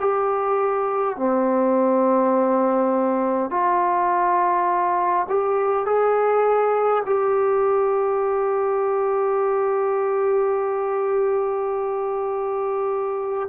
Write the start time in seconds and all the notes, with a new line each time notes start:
0.00 G4
1.17 C4
3.50 F4
5.29 G4
5.86 G#4
7.05 G4